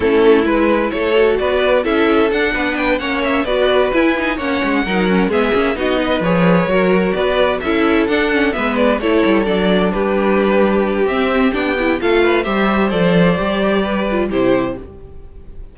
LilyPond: <<
  \new Staff \with { instrumentName = "violin" } { \time 4/4 \tempo 4 = 130 a'4 b'4 cis''4 d''4 | e''4 fis''4 g''8 fis''8 e''8 d''8~ | d''8 gis''4 fis''2 e''8~ | e''8 dis''4 cis''2 d''8~ |
d''8 e''4 fis''4 e''8 d''8 cis''8~ | cis''8 d''4 b'2~ b'8 | e''4 g''4 f''4 e''4 | d''2. c''4 | }
  \new Staff \with { instrumentName = "violin" } { \time 4/4 e'2 a'4 b'4 | a'4. b'4 cis''4 b'8~ | b'4. cis''4 ais'4 gis'8~ | gis'8 fis'8 b'4. ais'4 b'8~ |
b'8 a'2 b'4 a'8~ | a'4. g'2~ g'8~ | g'2 a'8 b'8 c''4~ | c''2 b'4 g'4 | }
  \new Staff \with { instrumentName = "viola" } { \time 4/4 cis'4 e'4. fis'4. | e'4 d'4. cis'4 fis'8~ | fis'8 e'8 dis'8 cis'4 dis'8 cis'8 b8 | cis'8 dis'4 gis'4 fis'4.~ |
fis'8 e'4 d'8 cis'8 b4 e'8~ | e'8 d'2.~ d'8 | c'4 d'8 e'8 f'4 g'4 | a'4 g'4. f'8 e'4 | }
  \new Staff \with { instrumentName = "cello" } { \time 4/4 a4 gis4 a4 b4 | cis'4 d'8 b4 ais4 b8~ | b8 e'4 ais8 gis8 fis4 gis8 | ais8 b4 f4 fis4 b8~ |
b8 cis'4 d'4 gis4 a8 | g8 fis4 g2~ g8 | c'4 b4 a4 g4 | f4 g2 c4 | }
>>